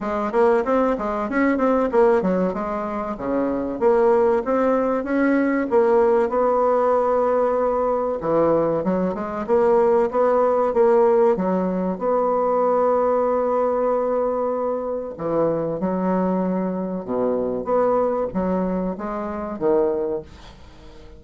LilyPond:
\new Staff \with { instrumentName = "bassoon" } { \time 4/4 \tempo 4 = 95 gis8 ais8 c'8 gis8 cis'8 c'8 ais8 fis8 | gis4 cis4 ais4 c'4 | cis'4 ais4 b2~ | b4 e4 fis8 gis8 ais4 |
b4 ais4 fis4 b4~ | b1 | e4 fis2 b,4 | b4 fis4 gis4 dis4 | }